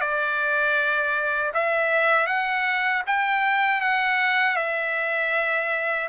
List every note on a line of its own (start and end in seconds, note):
0.00 1.52 D5
1.54 2.26 E5
2.26 3.02 F#5
3.07 3.80 G5
3.80 4.56 F#5
4.56 6.08 E5